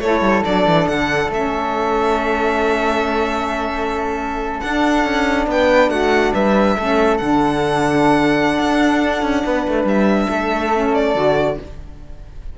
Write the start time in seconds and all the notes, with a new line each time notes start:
0.00 A3 E4 A4 C#5
0.21 G3
0.44 F#3 D4 D5
0.66 E3
0.88 D3 F#5
1.28 A3 C#4 E5
4.60 D4 F#5
5.05 C#4
5.47 B3 B4 G5
5.90 A3 F#4 F#5
6.33 G3 B4 E5
6.77 A3 C#4 A4
7.18 D3 D4 F#5
8.59 D4
9.22 C#4
9.44 B3 B4
9.68 A3
9.85 G3 E5
10.29 A3 A4
10.73 C#4
10.94 D5
11.15 D3 F#4